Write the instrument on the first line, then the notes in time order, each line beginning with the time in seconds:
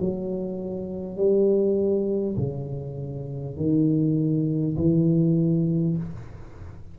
tuba
0.00 F#3
1.17 G3
2.37 C#3
3.57 D#3
4.77 E3